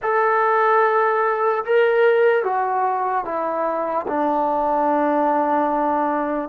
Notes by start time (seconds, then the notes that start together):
0.02 A4
1.64 A#4
2.43 F#4
3.24 E4
4.07 D4